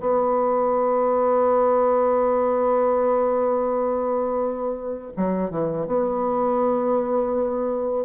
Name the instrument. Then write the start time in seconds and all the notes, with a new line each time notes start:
bassoon
0.00 B3
5.17 F#3
5.50 E3
5.87 B3